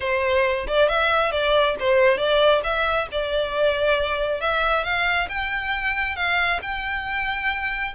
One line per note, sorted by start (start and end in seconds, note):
0.00 0.66 C5
0.67 0.88 D5
0.88 1.31 E5
1.31 1.75 D5
1.79 2.17 C5
2.17 2.61 D5
2.63 3.07 E5
3.11 4.41 D5
4.41 4.84 E5
4.84 5.28 F5
5.28 6.15 G5
6.15 6.60 F5
6.62 7.94 G5